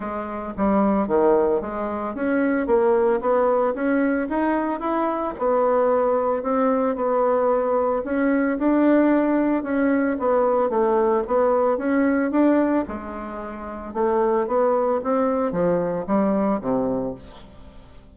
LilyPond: \new Staff \with { instrumentName = "bassoon" } { \time 4/4 \tempo 4 = 112 gis4 g4 dis4 gis4 | cis'4 ais4 b4 cis'4 | dis'4 e'4 b2 | c'4 b2 cis'4 |
d'2 cis'4 b4 | a4 b4 cis'4 d'4 | gis2 a4 b4 | c'4 f4 g4 c4 | }